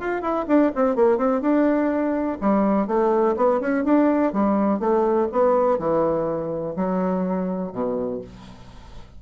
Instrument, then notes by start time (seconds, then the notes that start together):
bassoon
0.00 F4
0.22 E4
0.48 D4
0.75 C4
0.96 A#3
1.17 C4
1.41 D4
2.41 G3
2.87 A3
3.37 B3
3.60 C#4
3.84 D4
4.33 G3
4.80 A3
5.32 B3
5.78 E3
6.76 F#3
7.72 B2